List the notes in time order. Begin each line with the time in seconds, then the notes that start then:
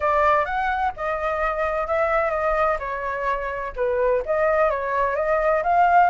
0.00 D5
0.45 F#5
0.96 D#5
1.87 E5
2.30 D#5
2.79 C#5
3.76 B4
4.25 D#5
4.70 C#5
5.15 D#5
5.63 F5